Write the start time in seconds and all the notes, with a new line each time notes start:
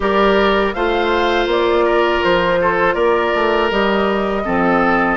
0.00 G3 G4 A#4 D5
0.73 A3 F4 C5 F5
1.46 A#3 D5
1.85 A#4
2.23 F3 C5
2.61 A4
2.94 A#3 A#4 D5
3.34 A3
3.71 G3 G4 D#5
4.44 F3 C4 A4